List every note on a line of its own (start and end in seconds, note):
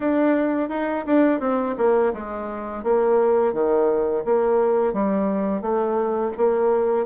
0.00 0.69 D4
0.69 1.04 D#4
1.06 1.39 D4
1.39 1.75 C4
1.77 2.12 A#3
2.13 2.83 G#3
2.83 3.53 A#3
3.53 4.24 D#3
4.24 4.93 A#3
4.93 5.61 G3
5.61 6.32 A3
6.37 7.06 A#3